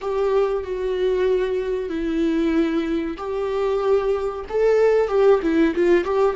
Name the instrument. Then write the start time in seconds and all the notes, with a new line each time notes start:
viola
0.01 G4
0.63 F#4
1.89 E4
3.17 G4
4.49 A4
5.07 G4
5.42 E4
5.75 F4
6.04 G4